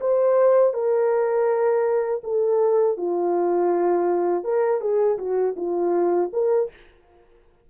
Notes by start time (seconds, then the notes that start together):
0.00 C5
0.73 A#4
2.23 A4
2.97 F4
4.43 A#4
4.80 G#4
5.18 F#4
5.56 F4
6.33 A#4